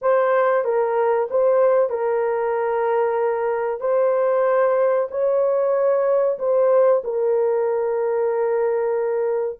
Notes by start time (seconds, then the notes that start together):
0.01 C5
0.64 A#4
1.30 C5
1.89 A#4
3.80 C5
5.11 C#5
6.38 C5
7.04 A#4